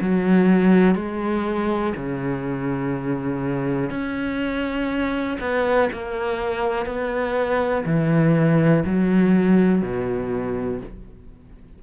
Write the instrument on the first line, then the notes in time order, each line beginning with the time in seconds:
cello
0.00 F#3
0.95 G#3
1.96 C#3
3.90 C#4
5.40 B3
5.92 A#3
6.85 B3
7.85 E3
8.85 F#3
9.82 B2